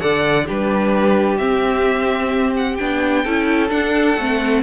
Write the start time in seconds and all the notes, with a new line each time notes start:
0.00 D3 A4 D5 F#5
0.45 G3 D4 G4 B4
1.37 C4 E5
2.56 F#5
2.76 B3 D4 G5
3.23 C#4 E4 A4
3.68 D4 F#5
4.17 A3 C4